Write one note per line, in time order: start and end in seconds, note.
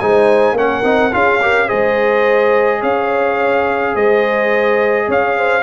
0.00 0.53 G#3
0.00 0.57 D#4
0.00 0.57 C5
0.00 0.57 G#5
0.53 0.81 A#3
0.53 0.84 C#4
0.53 1.14 A#4
0.53 1.14 F#5
0.84 1.12 C4
0.84 1.12 D#4
1.12 1.71 C#4
1.12 1.41 F4
1.12 1.42 G#4
1.12 1.70 F5
1.42 1.68 G4
1.42 1.68 A#4
1.68 2.83 G#3
1.68 5.64 G#4
1.68 2.80 C5
1.68 2.83 D#5
2.80 3.96 C#4
2.80 3.94 C#5
2.80 3.96 F5
3.94 5.09 G#3
3.94 5.07 C5
3.94 5.09 D#5
5.08 5.64 C#4
5.08 5.36 C#5
5.08 5.64 F5
5.37 5.64 C5